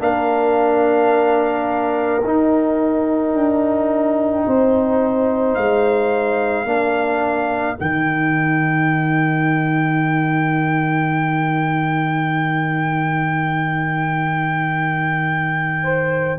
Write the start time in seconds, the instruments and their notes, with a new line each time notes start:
0.00 tuba A#3, trombone D4, horn A#4, trumpet F5
2.22 tuba D#4, trombone D#4, trumpet G5
3.34 tuba D4
4.47 tuba C4, horn C5
5.55 tuba G#3, trumpet F5
6.65 tuba A#3, trombone D4, horn A#4
7.77 tuba D#3, trombone D#4, trumpet G5
15.84 horn C5